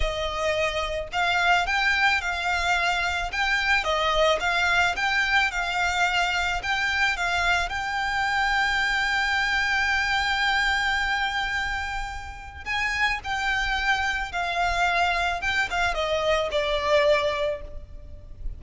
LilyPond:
\new Staff \with { instrumentName = "violin" } { \time 4/4 \tempo 4 = 109 dis''2 f''4 g''4 | f''2 g''4 dis''4 | f''4 g''4 f''2 | g''4 f''4 g''2~ |
g''1~ | g''2. gis''4 | g''2 f''2 | g''8 f''8 dis''4 d''2 | }